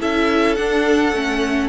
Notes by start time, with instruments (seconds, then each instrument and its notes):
0.00 cello C#4, viola E4, violin A4 E5
0.55 viola D4, cello D4, violin F#5
1.12 cello A3, viola C#4